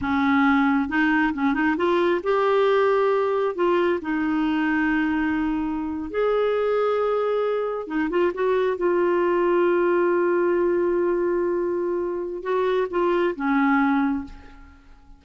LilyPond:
\new Staff \with { instrumentName = "clarinet" } { \time 4/4 \tempo 4 = 135 cis'2 dis'4 cis'8 dis'8 | f'4 g'2. | f'4 dis'2.~ | dis'4.~ dis'16 gis'2~ gis'16~ |
gis'4.~ gis'16 dis'8 f'8 fis'4 f'16~ | f'1~ | f'1 | fis'4 f'4 cis'2 | }